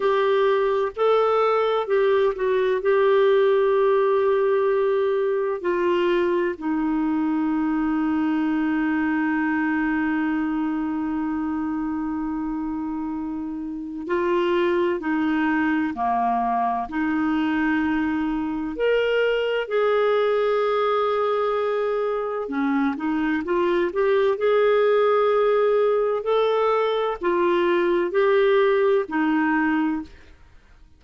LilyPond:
\new Staff \with { instrumentName = "clarinet" } { \time 4/4 \tempo 4 = 64 g'4 a'4 g'8 fis'8 g'4~ | g'2 f'4 dis'4~ | dis'1~ | dis'2. f'4 |
dis'4 ais4 dis'2 | ais'4 gis'2. | cis'8 dis'8 f'8 g'8 gis'2 | a'4 f'4 g'4 dis'4 | }